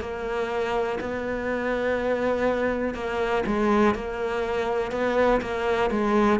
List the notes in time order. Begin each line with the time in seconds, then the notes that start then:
0.00 A#3
1.01 B3
2.94 A#3
3.46 G#3
3.95 A#3
4.91 B3
5.41 A#3
5.90 G#3